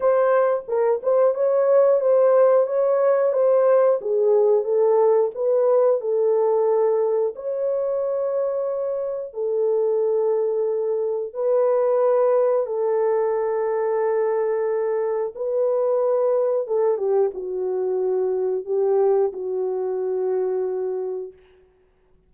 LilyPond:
\new Staff \with { instrumentName = "horn" } { \time 4/4 \tempo 4 = 90 c''4 ais'8 c''8 cis''4 c''4 | cis''4 c''4 gis'4 a'4 | b'4 a'2 cis''4~ | cis''2 a'2~ |
a'4 b'2 a'4~ | a'2. b'4~ | b'4 a'8 g'8 fis'2 | g'4 fis'2. | }